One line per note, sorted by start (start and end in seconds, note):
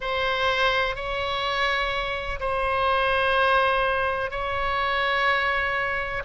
0.00 0.95 C5
0.95 2.39 C#5
2.40 4.30 C5
4.30 6.22 C#5